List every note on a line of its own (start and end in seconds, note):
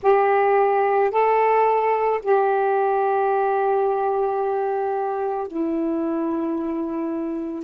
0.02 1.11 G4
1.11 2.20 A4
2.22 5.47 G4
5.47 7.63 E4